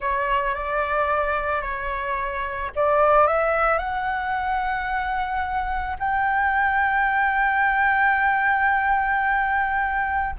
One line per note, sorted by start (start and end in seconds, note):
0.00 0.55 C#5
0.55 1.61 D5
1.61 2.70 C#5
2.75 3.27 D5
3.27 3.78 E5
3.78 5.96 F#5
5.99 10.35 G5